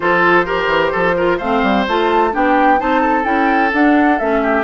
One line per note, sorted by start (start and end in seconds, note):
0.00 0.67 F3
0.00 0.45 F4
0.00 0.45 A4
0.00 1.38 C5
0.45 1.15 G4
0.45 0.92 A#4
0.67 0.90 E3
0.92 1.40 F3
0.92 1.15 A4
1.16 1.40 F4
1.16 1.37 A#4
1.37 1.62 A3
1.37 1.87 C4
1.37 2.30 C5
1.37 1.84 F5
1.62 1.85 G3
1.87 2.34 A3
1.87 2.32 F4
1.87 2.35 A5
2.32 2.80 B3
2.32 2.78 D4
2.32 2.80 G4
2.32 2.80 G5
2.78 3.24 C4
2.78 3.23 D#4
2.78 3.01 C5
2.78 3.24 A5
3.01 4.40 A4
3.23 3.71 C#4
3.23 3.70 E4
3.23 3.71 G5
3.73 4.19 D4
3.73 4.20 D4
3.73 4.18 F#5
4.18 4.63 A3
4.18 4.63 C#4
4.18 4.63 E5
4.42 4.63 G4